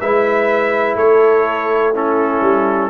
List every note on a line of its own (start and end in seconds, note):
0.00 0.95 G#3
0.00 1.94 E4
0.00 0.97 B4
0.00 0.97 E5
0.95 2.40 A3
0.95 1.93 A4
0.95 1.94 C#5
1.93 2.89 C#4
1.93 2.89 E4
1.93 2.89 A4
2.41 2.89 G3